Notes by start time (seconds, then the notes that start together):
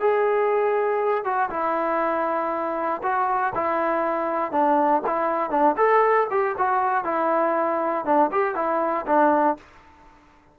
0.00 G#4
1.25 F#4
1.50 E4
3.03 F#4
3.55 E4
4.52 D4
5.07 E4
5.50 D4
5.77 A4
6.31 G4
6.58 F#4
7.05 E4
8.05 D4
8.32 G4
8.55 E4
9.06 D4